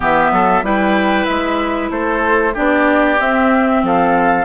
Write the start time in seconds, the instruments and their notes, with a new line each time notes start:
0.00 bassoon E3, clarinet B3, oboe G4, flute E5
0.31 bassoon F#3, oboe A4
0.62 bassoon G3, clarinet E4, oboe B4, flute G5
1.25 bassoon G#3, flute E5
1.90 bassoon A3, oboe A4, flute C5
2.53 bassoon B3, clarinet D4, oboe G4, flute D5
3.19 clarinet C4, bassoon C4, flute E5
3.82 bassoon F3, oboe A4, flute F5